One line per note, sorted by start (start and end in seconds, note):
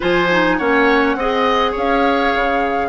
0.00 0.59 F3
0.00 0.28 F4
0.00 0.56 C5
0.00 0.57 G#5
0.31 0.59 D#4
0.57 1.15 A#3
0.57 1.18 C#4
0.57 1.16 C#5
0.57 1.74 F#5
1.15 1.73 C4
1.15 2.89 G#4
1.15 1.71 D#5
1.71 2.34 C#4
1.71 2.88 C#5
1.71 2.89 F5
2.35 2.89 C#3